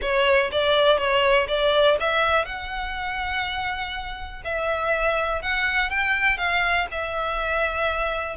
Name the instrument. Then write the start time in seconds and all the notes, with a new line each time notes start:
violin
0.01 C#5
0.51 D5
0.97 C#5
1.48 D5
2.00 E5
2.45 F#5
4.44 E5
5.42 F#5
5.89 G5
6.37 F5
6.91 E5